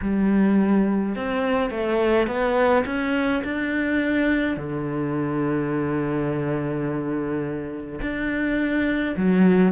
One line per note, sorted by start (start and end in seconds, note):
0.01 1.15 G3
1.15 1.70 C4
1.70 2.27 A3
2.27 2.84 B3
2.85 3.42 C#4
3.44 4.56 D4
4.56 7.99 D3
8.01 9.15 D4
9.16 9.71 F#3